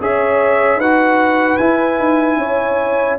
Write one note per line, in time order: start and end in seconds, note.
0.00 0.77 C#4
0.00 0.81 G#4
0.00 0.78 C#5
0.00 0.80 E5
0.77 1.57 D#4
0.77 1.59 F#4
0.77 2.38 B4
0.77 1.57 F#5
1.57 1.98 E4
1.57 3.18 E4
1.57 3.17 G#5
1.98 2.36 D#4
2.36 3.16 C#4
2.36 3.18 C#5